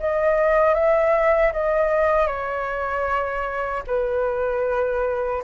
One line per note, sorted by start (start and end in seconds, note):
0.00 0.74 D#5
0.74 1.52 E5
1.53 2.27 D#5
2.27 3.83 C#5
3.87 5.43 B4